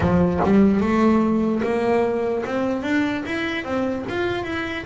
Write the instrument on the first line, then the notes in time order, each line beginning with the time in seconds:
double bass
0.00 F3
0.43 G3
0.80 A3
1.63 A#3
2.45 C4
2.82 D4
3.25 E4
3.64 C4
4.08 F4
4.44 E4